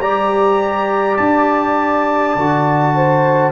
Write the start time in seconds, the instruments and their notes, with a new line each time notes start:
0.00 tuba G3, trombone G4, horn D5, trumpet A#5
1.17 tuba D4, trumpet A5
2.36 tuba D3, trombone F#4
2.95 horn C5